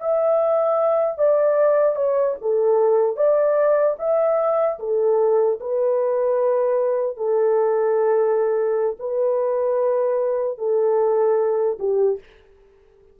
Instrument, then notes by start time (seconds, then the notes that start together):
horn
0.00 E5
1.18 D5
1.96 C#5
2.41 A4
3.17 D5
3.99 E5
4.80 A4
5.60 B4
7.17 A4
8.99 B4
10.58 A4
11.80 G4